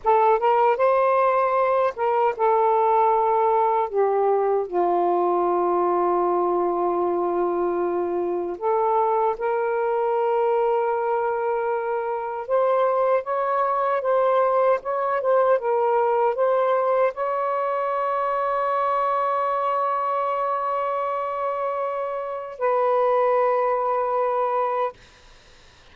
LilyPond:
\new Staff \with { instrumentName = "saxophone" } { \time 4/4 \tempo 4 = 77 a'8 ais'8 c''4. ais'8 a'4~ | a'4 g'4 f'2~ | f'2. a'4 | ais'1 |
c''4 cis''4 c''4 cis''8 c''8 | ais'4 c''4 cis''2~ | cis''1~ | cis''4 b'2. | }